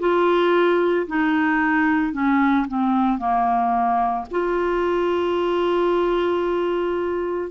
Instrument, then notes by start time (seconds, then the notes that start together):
clarinet
0.00 F4
1.08 D#4
2.13 C#4
2.68 C4
3.19 A#3
4.31 F4